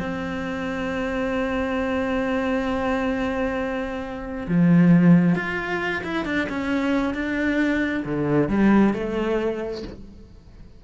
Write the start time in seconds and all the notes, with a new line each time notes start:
0.00 C4
4.48 F3
5.36 F4
6.04 E4
6.25 D4
6.50 C#4
7.14 D4
8.05 D3
8.49 G3
8.94 A3